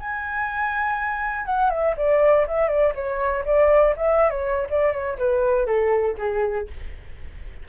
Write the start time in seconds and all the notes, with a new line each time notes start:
0.00 G#5
1.46 F#5
1.70 E5
1.97 D5
2.48 E5
2.69 D5
2.95 C#5
3.46 D5
3.97 E5
4.31 C#5
4.70 D5
4.93 C#5
5.19 B4
5.66 A4
6.18 G#4